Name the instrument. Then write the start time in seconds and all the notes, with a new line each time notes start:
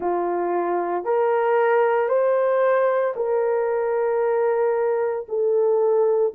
horn
0.00 F4
1.04 A#4
2.08 C5
3.16 A#4
5.28 A4